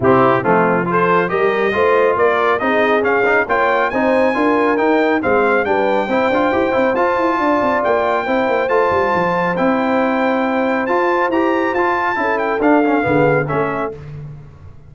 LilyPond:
<<
  \new Staff \with { instrumentName = "trumpet" } { \time 4/4 \tempo 4 = 138 g'4 f'4 c''4 dis''4~ | dis''4 d''4 dis''4 f''4 | g''4 gis''2 g''4 | f''4 g''2. |
a''2 g''2 | a''2 g''2~ | g''4 a''4 ais''4 a''4~ | a''8 g''8 f''2 e''4 | }
  \new Staff \with { instrumentName = "horn" } { \time 4/4 e'4 c'4 a'4 ais'4 | c''4 ais'4 gis'2 | cis''4 c''4 ais'2 | c''4 b'4 c''2~ |
c''4 d''2 c''4~ | c''1~ | c''1 | a'2 gis'4 a'4 | }
  \new Staff \with { instrumentName = "trombone" } { \time 4/4 c'4 a4 f'4 g'4 | f'2 dis'4 cis'8 dis'8 | f'4 dis'4 f'4 dis'4 | c'4 d'4 e'8 f'8 g'8 e'8 |
f'2. e'4 | f'2 e'2~ | e'4 f'4 g'4 f'4 | e'4 d'8 cis'8 b4 cis'4 | }
  \new Staff \with { instrumentName = "tuba" } { \time 4/4 c4 f2 g4 | a4 ais4 c'4 cis'4 | ais4 c'4 d'4 dis'4 | gis4 g4 c'8 d'8 e'8 c'8 |
f'8 e'8 d'8 c'8 ais4 c'8 ais8 | a8 g8 f4 c'2~ | c'4 f'4 e'4 f'4 | cis'4 d'4 d4 a4 | }
>>